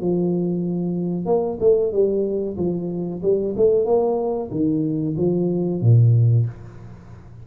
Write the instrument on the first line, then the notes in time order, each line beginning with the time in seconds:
tuba
0.00 F3
1.25 A#3
1.60 A3
1.91 G3
2.57 F3
3.22 G3
3.56 A3
3.85 A#3
4.50 D#3
5.16 F3
5.81 A#2